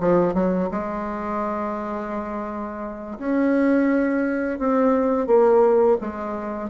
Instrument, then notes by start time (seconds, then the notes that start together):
bassoon
0.00 F3
0.34 F#3
0.71 G#3
3.19 C#4
4.59 C4
5.27 A#3
6.01 G#3